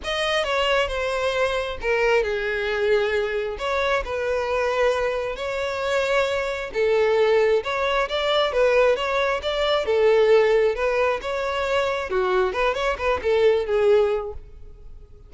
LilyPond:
\new Staff \with { instrumentName = "violin" } { \time 4/4 \tempo 4 = 134 dis''4 cis''4 c''2 | ais'4 gis'2. | cis''4 b'2. | cis''2. a'4~ |
a'4 cis''4 d''4 b'4 | cis''4 d''4 a'2 | b'4 cis''2 fis'4 | b'8 cis''8 b'8 a'4 gis'4. | }